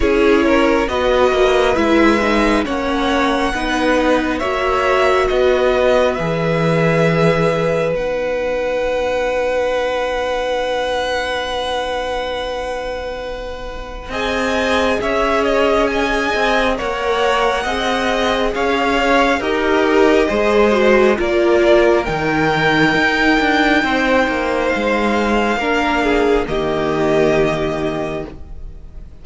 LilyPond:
<<
  \new Staff \with { instrumentName = "violin" } { \time 4/4 \tempo 4 = 68 cis''4 dis''4 e''4 fis''4~ | fis''4 e''4 dis''4 e''4~ | e''4 fis''2.~ | fis''1 |
gis''4 e''8 dis''8 gis''4 fis''4~ | fis''4 f''4 dis''2 | d''4 g''2. | f''2 dis''2 | }
  \new Staff \with { instrumentName = "violin" } { \time 4/4 gis'8 ais'8 b'2 cis''4 | b'4 cis''4 b'2~ | b'1~ | b'1 |
dis''4 cis''4 dis''4 cis''4 | dis''4 cis''4 ais'4 c''4 | ais'2. c''4~ | c''4 ais'8 gis'8 g'2 | }
  \new Staff \with { instrumentName = "viola" } { \time 4/4 e'4 fis'4 e'8 dis'8 cis'4 | dis'4 fis'2 gis'4~ | gis'4 dis'2.~ | dis'1 |
gis'2. ais'4 | gis'2 g'4 gis'8 fis'8 | f'4 dis'2.~ | dis'4 d'4 ais2 | }
  \new Staff \with { instrumentName = "cello" } { \time 4/4 cis'4 b8 ais8 gis4 ais4 | b4 ais4 b4 e4~ | e4 b2.~ | b1 |
c'4 cis'4. c'8 ais4 | c'4 cis'4 dis'4 gis4 | ais4 dis4 dis'8 d'8 c'8 ais8 | gis4 ais4 dis2 | }
>>